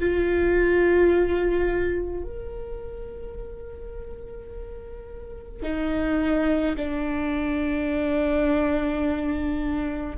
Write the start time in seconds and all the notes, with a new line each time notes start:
0.00 F4
2.24 A#4
5.63 D#4
6.77 D4